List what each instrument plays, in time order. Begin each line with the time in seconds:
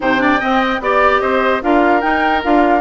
0.00 bassoon C3, clarinet D#4, oboe C5, flute G5
0.18 clarinet D4, oboe D5
0.40 clarinet C4, bassoon C4, oboe D#5
0.80 bassoon B3, clarinet G4, flute D5, oboe D5
1.20 bassoon C4, oboe C5, flute D#5
1.62 bassoon D4, clarinet F4, oboe A#4, flute F5
2.01 clarinet D#4, bassoon D#4, flute G5
2.43 bassoon D4, clarinet F4, flute F5